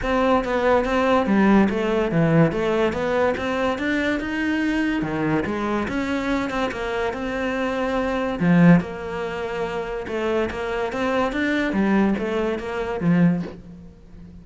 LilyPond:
\new Staff \with { instrumentName = "cello" } { \time 4/4 \tempo 4 = 143 c'4 b4 c'4 g4 | a4 e4 a4 b4 | c'4 d'4 dis'2 | dis4 gis4 cis'4. c'8 |
ais4 c'2. | f4 ais2. | a4 ais4 c'4 d'4 | g4 a4 ais4 f4 | }